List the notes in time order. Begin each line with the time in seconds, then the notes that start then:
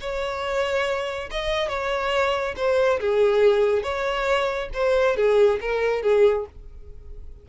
0.00 C#5
1.30 D#5
1.68 C#5
2.56 C5
3.00 G#4
3.82 C#5
4.73 C5
5.16 G#4
5.60 A#4
6.02 G#4